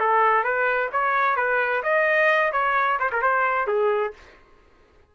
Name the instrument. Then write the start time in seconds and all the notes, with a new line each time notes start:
trumpet
0.00 A4
0.44 B4
0.92 C#5
1.36 B4
1.83 D#5
2.52 C#5
2.99 C5
3.12 A#4
3.22 C5
3.67 G#4